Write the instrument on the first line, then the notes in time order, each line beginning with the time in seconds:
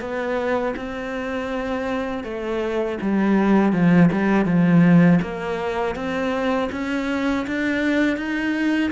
cello
0.00 B3
0.76 C4
2.24 A3
3.01 G3
3.72 F3
4.11 G3
4.45 F3
5.22 A#3
5.95 C4
6.72 C#4
7.46 D4
8.17 D#4